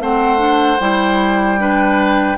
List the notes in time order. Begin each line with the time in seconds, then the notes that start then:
0.00 A3 C4 C5 F#5
0.38 D4
0.80 G3 E4 G5
1.59 D4 B4